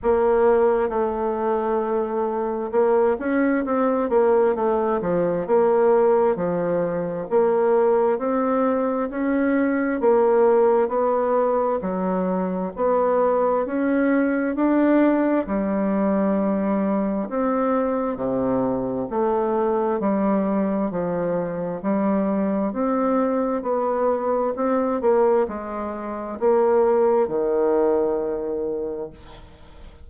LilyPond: \new Staff \with { instrumentName = "bassoon" } { \time 4/4 \tempo 4 = 66 ais4 a2 ais8 cis'8 | c'8 ais8 a8 f8 ais4 f4 | ais4 c'4 cis'4 ais4 | b4 fis4 b4 cis'4 |
d'4 g2 c'4 | c4 a4 g4 f4 | g4 c'4 b4 c'8 ais8 | gis4 ais4 dis2 | }